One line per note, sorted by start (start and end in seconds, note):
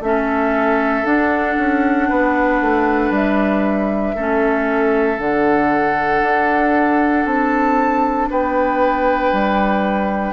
0.00 1.03 A3
0.00 1.05 C#4
0.00 2.09 A4
0.00 1.06 E5
1.05 1.56 D4
1.05 4.16 D4
1.05 3.12 F#5
1.58 2.10 C#4
2.09 2.61 B3
2.09 4.15 B4
2.61 3.11 A3
3.11 4.14 G3
3.11 5.20 E5
4.15 5.19 A3
4.15 5.18 C#4
4.15 8.29 A4
5.18 6.22 D3
5.18 10.33 D4
5.18 7.26 F#5
6.22 7.25 D4
7.25 8.29 C4
7.25 8.29 A5
8.30 9.33 B3
8.30 10.33 B4
8.30 10.33 G5
9.33 10.33 G3